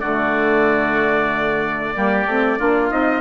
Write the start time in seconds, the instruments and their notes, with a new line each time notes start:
0.00 bassoon D3, saxophone A3, oboe F#4, trumpet D5
1.95 bassoon G3, saxophone A#3, oboe G4
2.26 bassoon A3, saxophone C4
2.59 bassoon A#3, saxophone D4, oboe F4
2.91 bassoon C4, saxophone D#4, trumpet D#5